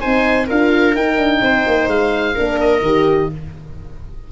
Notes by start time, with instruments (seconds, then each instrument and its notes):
0.00 tuba C4, horn D#4, viola C5, oboe G#5
0.46 tuba D4, horn F4, viola A#4, oboe F5
0.95 tuba D#4, horn D#4, oboe G5
1.17 tuba D4
1.41 tuba C4, viola C5
1.66 tuba A#3
1.87 tuba G#3, oboe F5
2.34 tuba A#3, horn D4, viola A#4
2.60 oboe D#5
2.81 tuba D#3, horn G4